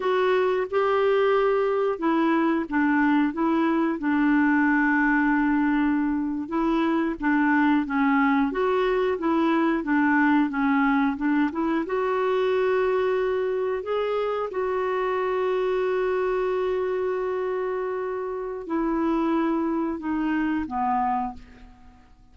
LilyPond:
\new Staff \with { instrumentName = "clarinet" } { \time 4/4 \tempo 4 = 90 fis'4 g'2 e'4 | d'4 e'4 d'2~ | d'4.~ d'16 e'4 d'4 cis'16~ | cis'8. fis'4 e'4 d'4 cis'16~ |
cis'8. d'8 e'8 fis'2~ fis'16~ | fis'8. gis'4 fis'2~ fis'16~ | fis'1 | e'2 dis'4 b4 | }